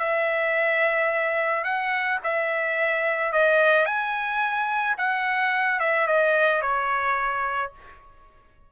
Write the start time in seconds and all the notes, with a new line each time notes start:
0.00 E5
1.64 F#5
2.24 E5
3.33 D#5
3.86 G#5
4.98 F#5
5.80 E5
6.08 D#5
6.62 C#5